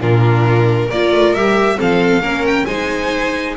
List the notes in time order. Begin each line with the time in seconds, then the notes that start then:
0.00 A#2 D4 F4 A#4
0.87 A#3 A#4 D5
0.94 F4
1.12 A3
1.34 G3 G4 E5
1.77 F3 C4 A4 F5
2.21 A#3 C#4 A#4
2.47 G5
2.66 G#3 D#4 C5 G#5